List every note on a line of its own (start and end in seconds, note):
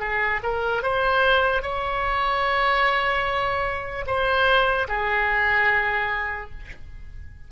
0.00 0.41 G#4
0.43 0.83 A#4
0.83 1.63 C5
1.63 4.06 C#5
4.07 4.88 C5
4.88 6.50 G#4